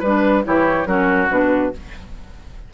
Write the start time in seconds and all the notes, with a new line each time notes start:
0.00 G3 B4
0.06 D4
0.44 E3 E4 G4 C#5
0.86 F#3 C#4 F#4 A#4
1.30 B2 D4 B4